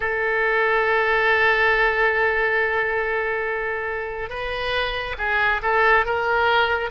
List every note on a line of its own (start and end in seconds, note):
0.00 4.29 A4
4.29 5.15 B4
5.18 5.61 G#4
5.62 6.05 A4
6.05 6.90 A#4